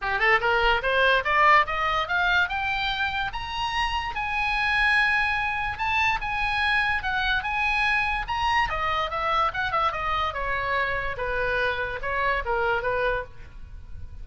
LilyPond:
\new Staff \with { instrumentName = "oboe" } { \time 4/4 \tempo 4 = 145 g'8 a'8 ais'4 c''4 d''4 | dis''4 f''4 g''2 | ais''2 gis''2~ | gis''2 a''4 gis''4~ |
gis''4 fis''4 gis''2 | ais''4 dis''4 e''4 fis''8 e''8 | dis''4 cis''2 b'4~ | b'4 cis''4 ais'4 b'4 | }